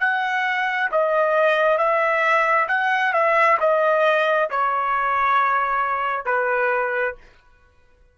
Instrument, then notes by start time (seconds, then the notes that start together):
trumpet
0.00 F#5
0.91 D#5
1.77 E5
2.68 F#5
3.13 E5
3.60 D#5
4.50 C#5
6.25 B4